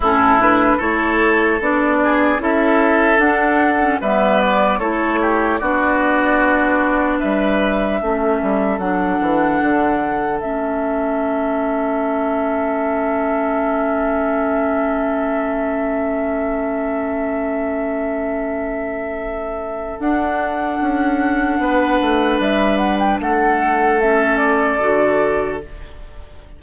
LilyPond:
<<
  \new Staff \with { instrumentName = "flute" } { \time 4/4 \tempo 4 = 75 a'8 b'8 cis''4 d''4 e''4 | fis''4 e''8 d''8 cis''4 d''4~ | d''4 e''2 fis''4~ | fis''4 e''2.~ |
e''1~ | e''1~ | e''4 fis''2. | e''8 fis''16 g''16 fis''4 e''8 d''4. | }
  \new Staff \with { instrumentName = "oboe" } { \time 4/4 e'4 a'4. gis'8 a'4~ | a'4 b'4 a'8 g'8 fis'4~ | fis'4 b'4 a'2~ | a'1~ |
a'1~ | a'1~ | a'2. b'4~ | b'4 a'2. | }
  \new Staff \with { instrumentName = "clarinet" } { \time 4/4 cis'8 d'8 e'4 d'4 e'4 | d'8. cis'16 b4 e'4 d'4~ | d'2 cis'4 d'4~ | d'4 cis'2.~ |
cis'1~ | cis'1~ | cis'4 d'2.~ | d'2 cis'4 fis'4 | }
  \new Staff \with { instrumentName = "bassoon" } { \time 4/4 a,4 a4 b4 cis'4 | d'4 g4 a4 b4~ | b4 g4 a8 g8 fis8 e8 | d4 a2.~ |
a1~ | a1~ | a4 d'4 cis'4 b8 a8 | g4 a2 d4 | }
>>